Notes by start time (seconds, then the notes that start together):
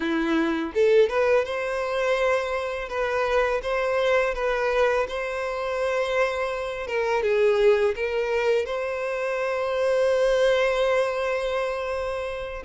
0.00 E4
0.74 A4
1.09 B4
1.45 C5
2.88 B4
3.62 C5
4.34 B4
5.08 C5
6.87 A#4
7.22 G#4
7.95 A#4
8.65 C5